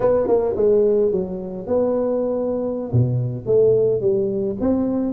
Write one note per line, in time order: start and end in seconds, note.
0.00 0.27 B3
0.27 0.55 A#3
0.56 1.11 G#3
1.11 1.66 F#3
1.66 2.91 B3
2.92 3.45 B2
3.45 4.00 A3
4.00 4.56 G3
4.60 5.12 C4